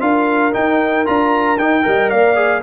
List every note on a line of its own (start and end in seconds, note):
0.00 0.53 D4
0.00 0.52 F4
0.00 1.85 A#4
0.00 0.53 F5
0.53 1.05 D#4
0.53 1.07 D#4
0.53 1.06 G5
1.05 1.58 D4
1.05 1.57 F4
1.05 1.58 A#5
1.58 1.84 D#4
1.58 1.82 D#4
1.58 2.10 G5
1.82 2.12 G3
1.82 2.34 A#4
1.82 2.10 D#5
2.10 2.62 A#3
2.10 2.62 D5
2.10 2.62 F5
2.35 2.61 G#4